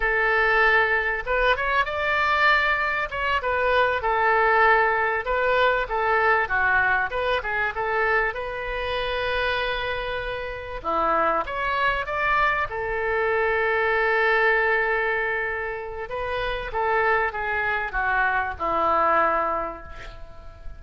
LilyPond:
\new Staff \with { instrumentName = "oboe" } { \time 4/4 \tempo 4 = 97 a'2 b'8 cis''8 d''4~ | d''4 cis''8 b'4 a'4.~ | a'8 b'4 a'4 fis'4 b'8 | gis'8 a'4 b'2~ b'8~ |
b'4. e'4 cis''4 d''8~ | d''8 a'2.~ a'8~ | a'2 b'4 a'4 | gis'4 fis'4 e'2 | }